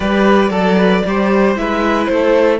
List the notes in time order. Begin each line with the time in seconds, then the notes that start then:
0.00 G3 G4 B4 D5
0.49 F#3 A4
0.77 B4
1.05 G3 G4 C5
1.55 G#3 E4 B4 E5
2.05 A3 C5
2.12 A4